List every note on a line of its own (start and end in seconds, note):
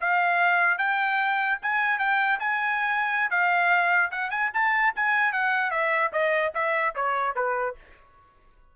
0.00 0.78 F5
0.78 1.58 G5
1.62 1.99 G#5
1.99 2.39 G5
2.39 3.30 G#5
3.30 4.11 F5
4.11 4.30 F#5
4.30 4.50 G#5
4.53 4.94 A5
4.95 5.32 G#5
5.32 5.71 F#5
5.71 6.11 E5
6.12 6.52 D#5
6.54 6.94 E5
6.95 7.35 C#5
7.35 7.76 B4